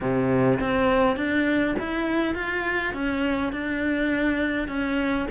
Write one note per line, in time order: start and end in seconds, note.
0.00 0.59 C3
0.59 1.16 C4
1.16 1.75 D4
1.79 2.34 E4
2.34 2.93 F4
2.93 3.52 C#4
3.52 4.68 D4
4.68 5.26 C#4